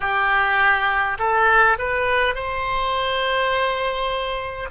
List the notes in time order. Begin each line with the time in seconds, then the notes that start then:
0.00 G4
1.18 A4
1.78 B4
2.35 C5